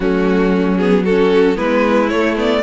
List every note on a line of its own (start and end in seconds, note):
0.00 1.56 F#3
0.00 0.79 A3
0.00 1.04 C#4
0.00 0.77 F#4
0.77 1.05 B3
0.77 1.03 G#4
1.04 1.55 C#4
1.04 1.56 F#4
1.04 1.57 A4
1.55 2.11 G#3
1.55 2.08 B3
1.55 2.62 E4
1.55 2.09 B4
2.09 2.63 A3
2.09 2.36 A3
2.09 2.35 C#5
2.36 2.62 B3
2.36 2.63 D5